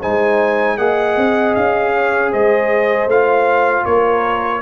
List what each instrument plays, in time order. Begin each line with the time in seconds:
0.00 tuba G#3, trombone D#4, horn C5, trumpet G#5
0.77 tuba A#3, trombone G#4, horn D#5, trumpet F#5
1.17 tuba C4
1.55 tuba C#4, trumpet F5
1.94 horn C#5
2.31 tuba G#3, horn C5, trumpet D#5
3.07 tuba A3, trombone F4, trumpet F5
3.84 tuba A#3, horn A#4, trumpet C#5